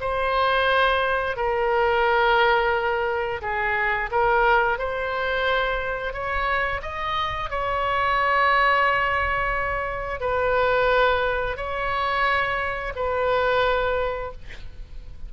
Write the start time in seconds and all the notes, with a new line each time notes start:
0.00 C5
1.36 A#4
3.41 G#4
4.11 A#4
4.78 C5
6.13 C#5
6.82 D#5
7.50 C#5
10.20 B4
11.57 C#5
12.95 B4